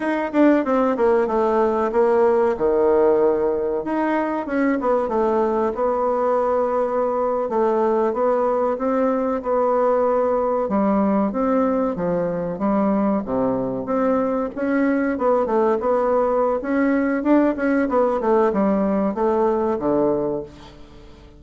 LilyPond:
\new Staff \with { instrumentName = "bassoon" } { \time 4/4 \tempo 4 = 94 dis'8 d'8 c'8 ais8 a4 ais4 | dis2 dis'4 cis'8 b8 | a4 b2~ b8. a16~ | a8. b4 c'4 b4~ b16~ |
b8. g4 c'4 f4 g16~ | g8. c4 c'4 cis'4 b16~ | b16 a8 b4~ b16 cis'4 d'8 cis'8 | b8 a8 g4 a4 d4 | }